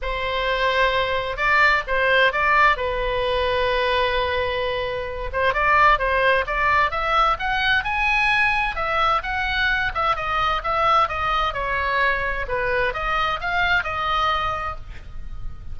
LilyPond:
\new Staff \with { instrumentName = "oboe" } { \time 4/4 \tempo 4 = 130 c''2. d''4 | c''4 d''4 b'2~ | b'2.~ b'8 c''8 | d''4 c''4 d''4 e''4 |
fis''4 gis''2 e''4 | fis''4. e''8 dis''4 e''4 | dis''4 cis''2 b'4 | dis''4 f''4 dis''2 | }